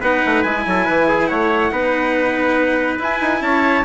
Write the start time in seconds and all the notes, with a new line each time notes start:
0.00 B3 D#4 B4 F#5
0.25 A3
0.42 G#3 E4 G#5
0.66 F#3 A4
0.85 E3 B4
1.08 G#4
1.27 A3 C#5 F#5
1.71 B3 D#4 B4
2.98 E4 G#5
3.21 D#4
3.41 C#4 C#5 A5